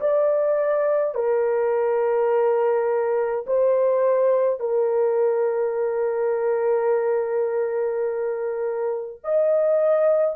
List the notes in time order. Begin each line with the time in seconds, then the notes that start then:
0.00 D5
1.14 A#4
3.46 C5
4.59 A#4
9.23 D#5